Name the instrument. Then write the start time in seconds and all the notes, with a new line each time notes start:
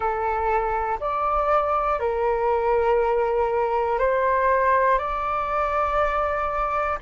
flute
0.00 A4
1.00 D5
1.99 A#4
3.99 C5
4.98 D5